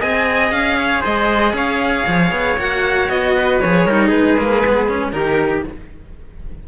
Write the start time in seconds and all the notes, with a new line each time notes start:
0.00 C4 G#4 D#5 G#5
0.51 C#4 F5
0.78 C#5
1.01 G#3 C5 D#5
1.53 C#4 C#5 F5
2.07 F3
2.31 B3
2.57 A#3 F#4 F#5
3.09 B3 D#5
3.37 B4
3.61 F3 G#4 C#5
3.86 G3 D#4 A#4
4.07 G#3 G#4 B4
4.38 A#3
4.67 B3
4.89 C#4
5.11 D#3 D#4 G4 A#4